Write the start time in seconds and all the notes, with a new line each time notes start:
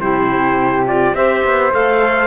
0.00 C3 E4 G4 C5
0.86 F4 D5
1.13 C4 G4 C5 E5
1.45 B3
1.72 A3 A4 F5